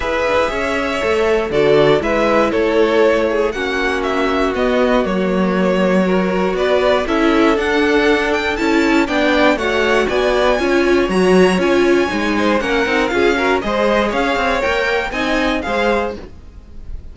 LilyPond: <<
  \new Staff \with { instrumentName = "violin" } { \time 4/4 \tempo 4 = 119 e''2. d''4 | e''4 cis''2 fis''4 | e''4 dis''4 cis''2~ | cis''4 d''4 e''4 fis''4~ |
fis''8 g''8 a''4 g''4 fis''4 | gis''2 ais''4 gis''4~ | gis''4 fis''4 f''4 dis''4 | f''4 g''4 gis''4 f''4 | }
  \new Staff \with { instrumentName = "violin" } { \time 4/4 b'4 cis''2 a'4 | b'4 a'4. gis'8 fis'4~ | fis'1 | ais'4 b'4 a'2~ |
a'2 d''4 cis''4 | d''4 cis''2.~ | cis''8 c''8 ais'4 gis'8 ais'8 c''4 | cis''2 dis''4 c''4 | }
  \new Staff \with { instrumentName = "viola" } { \time 4/4 gis'2 a'4 fis'4 | e'2. cis'4~ | cis'4 b4 ais2 | fis'2 e'4 d'4~ |
d'4 e'4 d'4 fis'4~ | fis'4 f'4 fis'4 f'4 | dis'4 cis'8 dis'8 f'8 fis'8 gis'4~ | gis'4 ais'4 dis'4 gis'4 | }
  \new Staff \with { instrumentName = "cello" } { \time 4/4 e'8 d'16 e'16 cis'4 a4 d4 | gis4 a2 ais4~ | ais4 b4 fis2~ | fis4 b4 cis'4 d'4~ |
d'4 cis'4 b4 a4 | b4 cis'4 fis4 cis'4 | gis4 ais8 c'8 cis'4 gis4 | cis'8 c'8 ais4 c'4 gis4 | }
>>